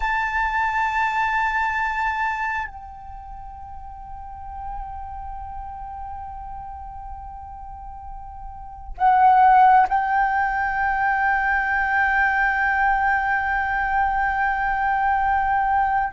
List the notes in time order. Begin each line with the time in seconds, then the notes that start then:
0.00 A5
2.67 G5
8.97 F#5
9.88 G5